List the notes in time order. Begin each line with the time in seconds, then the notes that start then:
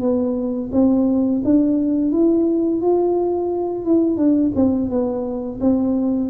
0.00 B3
0.72 C4
1.44 D4
2.12 E4
2.81 F4
3.85 E4
4.17 D4
4.55 C4
4.90 B3
5.60 C4